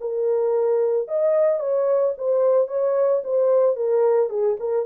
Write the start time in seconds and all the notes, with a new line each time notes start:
0.00 A#4
1.07 D#5
1.59 C#5
2.17 C5
2.67 C#5
3.23 C5
3.76 A#4
4.29 G#4
4.59 A#4